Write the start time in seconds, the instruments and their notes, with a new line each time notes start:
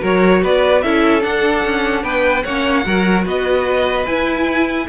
0.00 cello F#3, viola F#4, violin A#4 C#5
0.43 cello B3, violin B4 D5
0.81 cello C#4, viola E4, violin A4 E5
1.21 viola D4, cello D4, violin F#5
1.64 cello C#4
2.02 cello B3, violin B4 G5
2.42 cello A#3, viola C#4, violin C#5 F#5
2.84 cello F#3, viola F#4, violin A#4
3.24 cello B3, violin B4 D#5
4.06 cello E4, viola E4, violin G#5